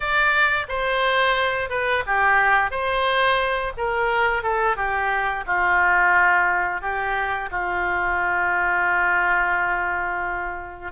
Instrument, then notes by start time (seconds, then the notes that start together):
oboe
0.00 D5
0.68 C5
1.69 B4
2.06 G4
2.70 C5
3.77 A#4
4.43 A4
4.76 G4
5.46 F4
6.81 G4
7.51 F4